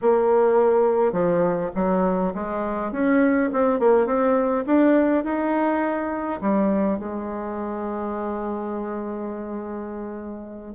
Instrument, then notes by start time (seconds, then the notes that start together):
bassoon
0.01 A#3
1.12 F3
1.75 F#3
2.34 G#3
2.92 C#4
3.52 C4
3.79 A#3
4.06 C4
4.66 D4
5.23 D#4
6.41 G3
6.98 G#3